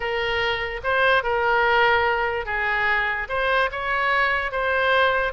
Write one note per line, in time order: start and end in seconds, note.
0.00 0.81 A#4
0.83 1.23 C5
1.23 2.45 A#4
2.45 3.28 G#4
3.29 3.70 C5
3.71 4.51 C#5
4.51 5.32 C5